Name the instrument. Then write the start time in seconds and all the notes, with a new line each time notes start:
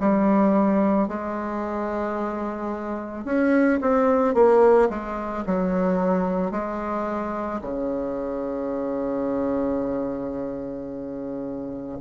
bassoon
0.00 G3
1.08 G#3
3.25 C#4
3.81 C4
4.34 A#3
4.89 G#3
5.46 F#3
6.51 G#3
7.62 C#3